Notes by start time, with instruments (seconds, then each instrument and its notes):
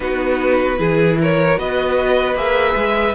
0.00 cello B3, viola D#4, violin F#4 B4
0.77 cello E3, viola E4, violin G#4
1.20 violin A#4 C#5
1.57 cello B3, viola F#4, violin B4 D#5
2.34 cello A#3, viola G#4, violin E5
2.75 cello G#3